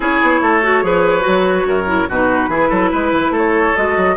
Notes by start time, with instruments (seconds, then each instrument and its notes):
0.00 bassoon C#4, clarinet E4, oboe G#4, flute C#5
0.21 bassoon B3
0.41 bassoon A3, oboe A4
0.62 clarinet F#4
0.82 bassoon F3, clarinet G#4, oboe B4
1.20 clarinet F#4
1.26 bassoon F#3
1.65 bassoon F#2, oboe A#4
1.87 clarinet E4
2.09 bassoon B2, clarinet D#4, oboe F#4, flute B4
2.48 bassoon E3, clarinet E4, oboe G#4
2.69 bassoon F#3, oboe A4
2.91 bassoon G#3, oboe B4
3.12 bassoon E3
3.30 bassoon A3, oboe A4
3.37 flute C#5
3.75 bassoon G#3, clarinet F#4, flute D#5
3.96 bassoon F#3